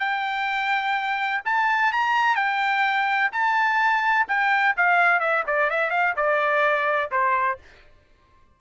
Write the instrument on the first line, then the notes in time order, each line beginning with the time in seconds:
trumpet
0.00 G5
1.46 A5
1.93 A#5
2.36 G5
3.32 A5
4.28 G5
4.77 F5
5.21 E5
5.47 D5
5.71 E5
5.91 F5
6.17 D5
7.12 C5